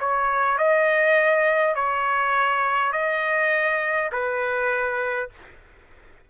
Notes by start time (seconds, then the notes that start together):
0.00 C#5
0.58 D#5
1.75 C#5
2.93 D#5
4.12 B4